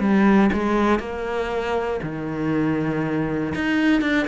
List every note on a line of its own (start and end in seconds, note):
0.00 0.50 G3
0.52 0.99 G#3
0.99 2.00 A#3
2.03 3.54 D#3
3.55 4.02 D#4
4.02 4.27 D4